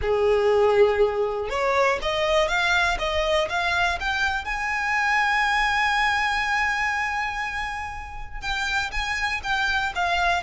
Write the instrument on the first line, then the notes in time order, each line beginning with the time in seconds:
violin
0.01 G#4
1.49 C#5
2.02 D#5
2.47 F5
2.99 D#5
3.49 F5
4.00 G5
4.44 G#5
8.41 G5
8.91 G#5
9.43 G5
9.95 F5